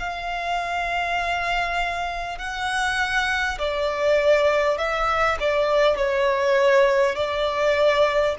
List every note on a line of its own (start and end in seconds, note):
0.00 2.38 F5
2.38 3.58 F#5
3.59 4.78 D5
4.78 5.38 E5
5.40 5.97 D5
5.97 7.16 C#5
7.16 8.36 D5